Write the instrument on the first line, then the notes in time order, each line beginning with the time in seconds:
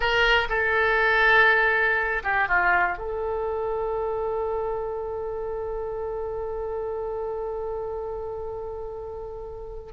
oboe
0.00 A#4
0.49 A4
2.23 G4
2.48 F4
2.98 A4